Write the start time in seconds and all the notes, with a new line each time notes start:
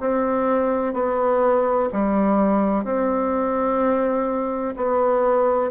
0.00 C4
0.94 B3
1.93 G3
2.84 C4
4.76 B3